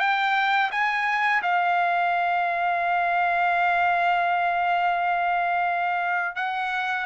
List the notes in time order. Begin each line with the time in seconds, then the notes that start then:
0.00 G5
0.71 G#5
1.42 F5
6.36 F#5